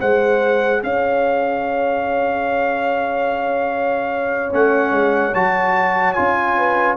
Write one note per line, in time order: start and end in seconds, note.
0.00 0.83 G#3
0.00 4.50 G#4
0.00 0.82 C5
0.00 0.83 F#5
0.83 4.53 C#4
0.83 6.58 C#5
0.83 4.54 F5
4.50 4.92 A3
4.50 5.32 C#4
4.50 5.35 F#5
4.92 5.33 G#3
5.35 6.17 F#3
5.35 6.15 F#4
5.35 6.13 A5
6.13 6.97 C#4
6.13 6.97 F4
6.13 6.96 G#5
6.58 6.97 B4